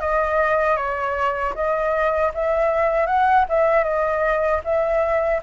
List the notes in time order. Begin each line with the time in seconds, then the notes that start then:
0.00 D#5
0.76 C#5
1.55 D#5
2.34 E5
3.06 F#5
3.49 E5
3.84 D#5
4.64 E5